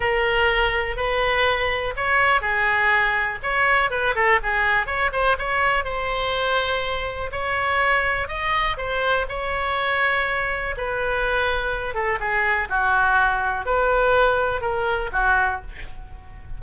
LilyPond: \new Staff \with { instrumentName = "oboe" } { \time 4/4 \tempo 4 = 123 ais'2 b'2 | cis''4 gis'2 cis''4 | b'8 a'8 gis'4 cis''8 c''8 cis''4 | c''2. cis''4~ |
cis''4 dis''4 c''4 cis''4~ | cis''2 b'2~ | b'8 a'8 gis'4 fis'2 | b'2 ais'4 fis'4 | }